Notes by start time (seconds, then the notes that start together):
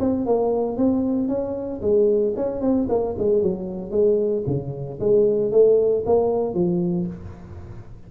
0.00 C4
0.26 A#3
0.77 C4
1.28 C#4
1.82 G#3
2.36 C#4
2.61 C4
2.89 A#3
3.18 G#3
3.42 F#3
3.91 G#3
4.47 C#3
5.00 G#3
5.52 A3
6.06 A#3
6.54 F3